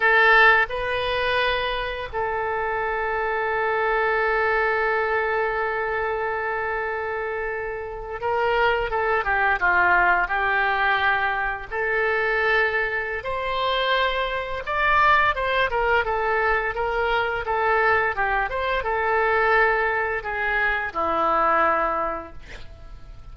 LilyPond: \new Staff \with { instrumentName = "oboe" } { \time 4/4 \tempo 4 = 86 a'4 b'2 a'4~ | a'1~ | a'2.~ a'8. ais'16~ | ais'8. a'8 g'8 f'4 g'4~ g'16~ |
g'8. a'2~ a'16 c''4~ | c''4 d''4 c''8 ais'8 a'4 | ais'4 a'4 g'8 c''8 a'4~ | a'4 gis'4 e'2 | }